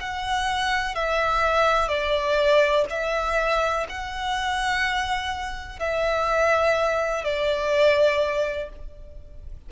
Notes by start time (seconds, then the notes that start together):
0.00 F#5
0.95 E5
1.88 D5
2.89 E5
3.89 F#5
5.79 E5
7.24 D5